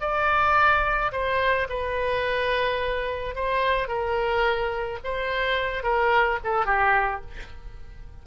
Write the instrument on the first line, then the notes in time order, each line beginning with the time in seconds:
oboe
0.00 D5
1.12 C5
1.69 B4
3.35 C5
3.87 A#4
5.04 C5
5.83 A#4
6.43 A4
6.65 G4